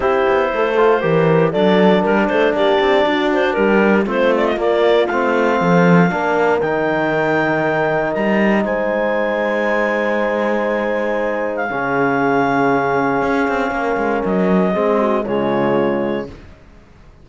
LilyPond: <<
  \new Staff \with { instrumentName = "clarinet" } { \time 4/4 \tempo 4 = 118 c''2. d''4 | ais'8 c''8 d''4. c''8 ais'4 | c''8 d''16 dis''16 d''4 f''2~ | f''4 g''2. |
ais''4 gis''2.~ | gis''2~ gis''8. f''4~ f''16~ | f''1 | dis''2 cis''2 | }
  \new Staff \with { instrumentName = "horn" } { \time 4/4 g'4 a'4 ais'4 a'4 | ais'8 a'8 g'4 fis'4 g'4 | f'2. a'4 | ais'1~ |
ais'4 c''2.~ | c''2. gis'4~ | gis'2. ais'4~ | ais'4 gis'8 fis'8 f'2 | }
  \new Staff \with { instrumentName = "trombone" } { \time 4/4 e'4. f'8 g'4 d'4~ | d'1 | c'4 ais4 c'2 | d'4 dis'2.~ |
dis'1~ | dis'2. cis'4~ | cis'1~ | cis'4 c'4 gis2 | }
  \new Staff \with { instrumentName = "cello" } { \time 4/4 c'8 b8 a4 e4 fis4 | g8 a8 ais8 c'8 d'4 g4 | a4 ais4 a4 f4 | ais4 dis2. |
g4 gis2.~ | gis2. cis4~ | cis2 cis'8 c'8 ais8 gis8 | fis4 gis4 cis2 | }
>>